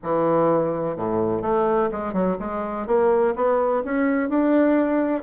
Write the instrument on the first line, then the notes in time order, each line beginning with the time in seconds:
bassoon
0.03 E3
0.96 A2
1.42 A3
1.91 G#3
2.13 F#3
2.39 G#3
2.86 A#3
3.35 B3
3.84 C#4
4.29 D4